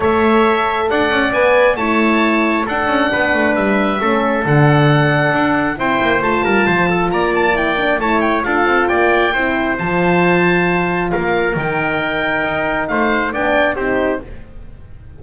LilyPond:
<<
  \new Staff \with { instrumentName = "oboe" } { \time 4/4 \tempo 4 = 135 e''2 fis''4 gis''4 | a''2 fis''2 | e''2 fis''2~ | fis''4 g''4 a''2 |
ais''8 a''8 g''4 a''8 g''8 f''4 | g''2 a''2~ | a''4 f''4 g''2~ | g''4 f''4 g''4 c''4 | }
  \new Staff \with { instrumentName = "trumpet" } { \time 4/4 cis''2 d''2 | cis''2 a'4 b'4~ | b'4 a'2.~ | a'4 c''4. ais'8 c''8 a'8 |
d''2 cis''4 a'4 | d''4 c''2.~ | c''4 ais'2.~ | ais'4 c''4 d''4 g'4 | }
  \new Staff \with { instrumentName = "horn" } { \time 4/4 a'2. b'4 | e'2 d'2~ | d'4 cis'4 d'2~ | d'4 e'4 f'2~ |
f'4 e'8 d'8 e'4 f'4~ | f'4 e'4 f'2~ | f'2 dis'2~ | dis'2 d'4 dis'4 | }
  \new Staff \with { instrumentName = "double bass" } { \time 4/4 a2 d'8 cis'8 b4 | a2 d'8 cis'8 b8 a8 | g4 a4 d2 | d'4 c'8 ais8 a8 g8 f4 |
ais2 a4 d'8 c'8 | ais4 c'4 f2~ | f4 ais4 dis2 | dis'4 a4 b4 c'4 | }
>>